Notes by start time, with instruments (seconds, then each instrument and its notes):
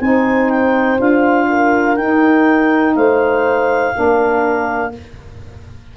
0.00 tuba C4, saxophone D#4, horn C5, clarinet G#5
0.50 clarinet G5
0.97 tuba D4, saxophone F4, clarinet F5
1.49 horn A#4
1.96 tuba D#4, saxophone D#4, clarinet G5
2.95 tuba A3, horn C5, clarinet F5
3.94 tuba A#3, saxophone D4, horn A#4